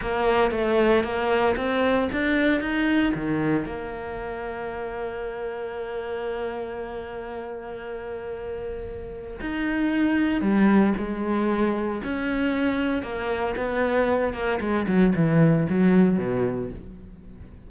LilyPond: \new Staff \with { instrumentName = "cello" } { \time 4/4 \tempo 4 = 115 ais4 a4 ais4 c'4 | d'4 dis'4 dis4 ais4~ | ais1~ | ais1~ |
ais2 dis'2 | g4 gis2 cis'4~ | cis'4 ais4 b4. ais8 | gis8 fis8 e4 fis4 b,4 | }